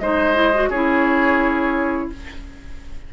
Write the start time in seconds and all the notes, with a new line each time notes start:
0.00 G#3 D#4 C5 D#5
0.35 E4
0.55 F#4
0.70 C#4 E4 G#4 C#5